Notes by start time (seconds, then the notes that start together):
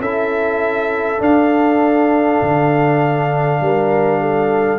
0.00 C#4 E4 A4 E5
1.19 D4 F5
2.42 D3
3.60 G3 A#4
4.21 A4